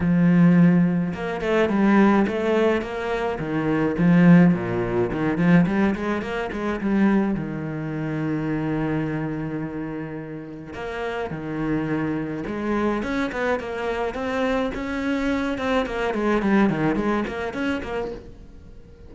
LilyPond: \new Staff \with { instrumentName = "cello" } { \time 4/4 \tempo 4 = 106 f2 ais8 a8 g4 | a4 ais4 dis4 f4 | ais,4 dis8 f8 g8 gis8 ais8 gis8 | g4 dis2.~ |
dis2. ais4 | dis2 gis4 cis'8 b8 | ais4 c'4 cis'4. c'8 | ais8 gis8 g8 dis8 gis8 ais8 cis'8 ais8 | }